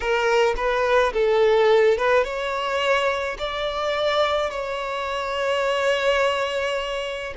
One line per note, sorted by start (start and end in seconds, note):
0.00 0.55 A#4
0.56 1.12 B4
1.13 1.97 A4
1.97 2.24 B4
2.24 3.37 C#5
3.38 4.50 D5
4.50 7.33 C#5